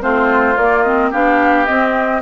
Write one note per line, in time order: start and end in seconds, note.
0.00 0.56 A3
0.00 0.56 C4
0.00 1.10 F4
0.00 0.57 C5
0.56 1.12 A#3
0.56 0.85 A#3
0.56 0.82 D5
0.82 1.13 C4
0.82 1.10 D#5
1.10 1.68 B3
1.10 1.66 D4
1.10 2.21 G4
1.10 1.65 F5
1.65 2.22 C4
1.65 2.21 D#5